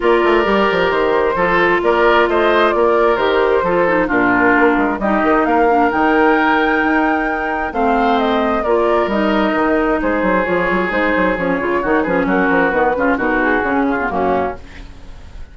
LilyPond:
<<
  \new Staff \with { instrumentName = "flute" } { \time 4/4 \tempo 4 = 132 d''2 c''2 | d''4 dis''4 d''4 c''4~ | c''4 ais'2 dis''4 | f''4 g''2.~ |
g''4 f''4 dis''4 d''4 | dis''2 c''4 cis''4 | c''4 cis''4. b'8 ais'4 | b'4 ais'8 gis'4. fis'4 | }
  \new Staff \with { instrumentName = "oboe" } { \time 4/4 ais'2. a'4 | ais'4 c''4 ais'2 | a'4 f'2 g'4 | ais'1~ |
ais'4 c''2 ais'4~ | ais'2 gis'2~ | gis'2 fis'8 gis'8 fis'4~ | fis'8 f'8 fis'4. f'8 cis'4 | }
  \new Staff \with { instrumentName = "clarinet" } { \time 4/4 f'4 g'2 f'4~ | f'2. g'4 | f'8 dis'8 d'2 dis'4~ | dis'8 d'8 dis'2.~ |
dis'4 c'2 f'4 | dis'2. f'4 | dis'4 cis'8 f'8 dis'8 cis'4. | b8 cis'8 dis'4 cis'8. b16 ais4 | }
  \new Staff \with { instrumentName = "bassoon" } { \time 4/4 ais8 a8 g8 f8 dis4 f4 | ais4 a4 ais4 dis4 | f4 ais,4 ais8 gis8 g8 dis8 | ais4 dis2 dis'4~ |
dis'4 a2 ais4 | g4 dis4 gis8 fis8 f8 fis8 | gis8 fis8 f8 cis8 dis8 f8 fis8 f8 | dis8 cis8 b,4 cis4 fis,4 | }
>>